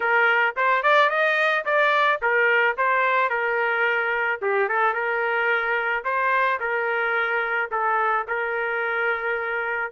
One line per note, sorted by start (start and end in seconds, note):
0.00 0.55 A#4
0.56 0.83 C5
0.83 1.09 D5
1.09 1.64 D#5
1.65 2.20 D5
2.21 2.76 A#4
2.77 3.29 C5
3.29 4.39 A#4
4.41 4.68 G4
4.68 4.93 A4
4.93 6.04 A#4
6.04 6.59 C5
6.60 7.70 A#4
7.71 8.26 A4
8.27 9.92 A#4